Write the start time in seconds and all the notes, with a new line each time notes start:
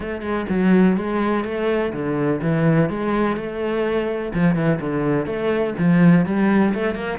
0.00 A3
0.21 G#3
0.49 F#3
0.96 G#3
1.44 A3
1.92 D3
2.41 E3
2.89 G#3
3.36 A3
4.34 F3
4.55 E3
4.80 D3
5.25 A3
5.78 F3
6.25 G3
6.73 A3
6.95 A#3